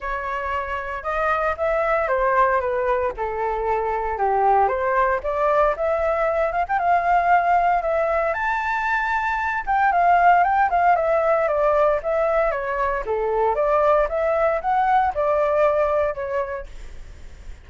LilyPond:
\new Staff \with { instrumentName = "flute" } { \time 4/4 \tempo 4 = 115 cis''2 dis''4 e''4 | c''4 b'4 a'2 | g'4 c''4 d''4 e''4~ | e''8 f''16 g''16 f''2 e''4 |
a''2~ a''8 g''8 f''4 | g''8 f''8 e''4 d''4 e''4 | cis''4 a'4 d''4 e''4 | fis''4 d''2 cis''4 | }